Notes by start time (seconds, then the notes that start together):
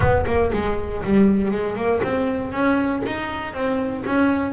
0.00 B3
0.26 A#3
0.52 G#3
1.03 G3
1.51 G#3
1.76 A#3
2.03 C4
2.51 C#4
3.05 D#4
3.53 C4
4.05 C#4